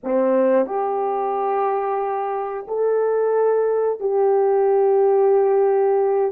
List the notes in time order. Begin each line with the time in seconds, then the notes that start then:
0.03 C4
0.66 G4
2.67 A4
3.99 G4